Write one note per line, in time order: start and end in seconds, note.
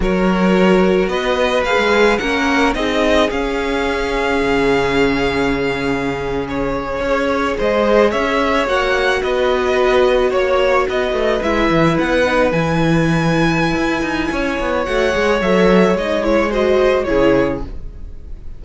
0.00 1.07 F#3
0.00 1.65 F#4
0.00 1.09 A#4
0.00 1.08 C#5
1.07 1.62 B3
1.07 2.19 B4
1.07 1.63 D#5
1.63 1.77 A#3
1.63 2.21 G#4
1.63 2.17 F5
1.77 2.18 G#3
2.17 2.75 A#3
2.17 2.75 C#4
2.17 2.76 A#4
2.17 2.72 F#5
2.74 3.30 C4
2.74 3.30 D#4
2.74 7.01 G#4
2.74 3.29 D#5
3.30 4.40 C#4
3.30 7.02 C#4
3.30 6.47 F5
4.41 7.00 C#3
6.48 7.58 C#5
7.00 7.55 C#4
7.00 8.66 G#4
7.00 7.56 C#5
7.57 8.13 G#3
7.57 8.10 C5
7.57 8.11 D#5
8.10 8.66 C#4
8.10 9.20 C#5
8.10 8.66 E5
8.66 9.21 A#3
8.66 11.41 F#4
8.66 9.22 F#5
9.22 10.31 B3
9.22 10.30 B4
9.22 10.32 D#5
10.30 10.86 A#3
10.30 10.85 C#5
10.30 10.87 C#5
10.88 11.12 B3
10.88 14.31 B4
10.88 11.42 D#5
11.12 11.40 A3
11.42 11.69 G#3
11.42 12.25 E4
11.42 11.97 E5
11.70 11.97 E3
11.98 12.51 B3
11.98 12.51 F#5
12.25 12.52 D#4
12.51 13.75 E3
12.51 14.86 E4
12.51 14.84 G#5
13.75 14.02 E4
14.02 14.29 D#4
14.31 14.59 C#4
14.31 16.50 C#5
14.59 14.87 B3
14.84 15.15 A3
14.84 15.11 F#4
14.84 15.39 F#5
15.11 15.41 G#3
15.11 15.38 G#4
15.41 15.94 F#3
15.41 15.98 A4
15.41 15.96 E5
15.94 17.04 G#3
15.94 16.21 D#4
15.94 16.24 D#5
16.21 16.49 E4
16.21 16.51 C#5
16.50 17.06 F#4
16.50 17.05 C5
16.50 17.03 D#5
17.03 17.64 C#3
17.03 17.61 E4
17.03 17.64 G#4
17.03 17.58 C#5